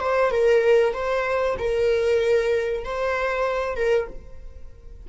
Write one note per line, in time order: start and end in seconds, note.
0.00 0.31 C5
0.31 0.94 A#4
0.94 1.57 C5
1.59 2.85 A#4
2.85 3.76 C5
3.76 4.08 A#4